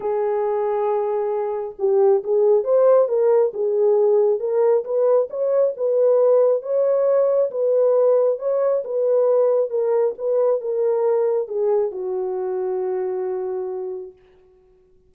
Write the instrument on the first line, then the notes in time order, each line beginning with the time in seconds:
horn
0.00 G#4
1.79 G4
2.23 G#4
2.64 C5
3.08 A#4
3.53 G#4
4.39 A#4
4.84 B4
5.30 C#5
5.76 B4
6.62 C#5
7.50 B4
8.38 C#5
8.84 B4
9.70 A#4
10.18 B4
10.60 A#4
11.48 G#4
11.91 F#4